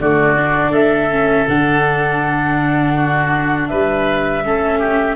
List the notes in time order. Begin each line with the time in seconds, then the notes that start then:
0.00 D3 A3 F#4 D5
0.37 D4
0.70 A3 A4 E5
1.10 C#4
1.48 D3 D4 F#5
2.95 F#4
3.68 G3 B4 E5
4.44 A3 C#4 A4
4.79 G4